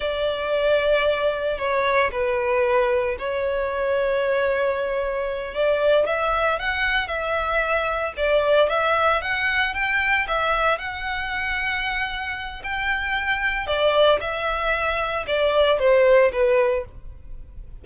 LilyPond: \new Staff \with { instrumentName = "violin" } { \time 4/4 \tempo 4 = 114 d''2. cis''4 | b'2 cis''2~ | cis''2~ cis''8 d''4 e''8~ | e''8 fis''4 e''2 d''8~ |
d''8 e''4 fis''4 g''4 e''8~ | e''8 fis''2.~ fis''8 | g''2 d''4 e''4~ | e''4 d''4 c''4 b'4 | }